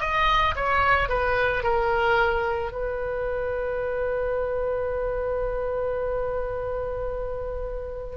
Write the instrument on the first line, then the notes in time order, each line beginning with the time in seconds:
oboe
0.00 D#5
0.55 C#5
1.09 B4
1.63 A#4
2.71 B4